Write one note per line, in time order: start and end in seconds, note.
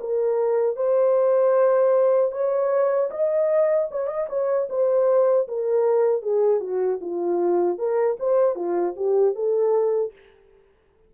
0.00 0.77 A#4
0.77 2.32 C5
2.32 3.10 C#5
3.11 3.89 D#5
3.91 4.07 C#5
4.07 4.27 D#5
4.29 4.68 C#5
4.70 5.48 C5
5.48 6.22 A#4
6.22 6.61 G#4
6.61 7.00 F#4
7.01 7.78 F4
7.78 8.17 A#4
8.20 8.56 C5
8.56 8.95 F4
8.96 9.35 G4
9.35 10.13 A4